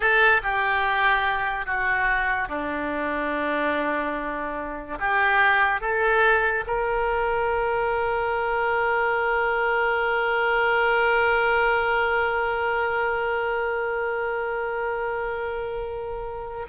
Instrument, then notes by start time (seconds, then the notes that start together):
oboe
0.00 A4
0.42 G4
1.66 F#4
2.48 D4
4.99 G4
5.81 A4
6.67 A#4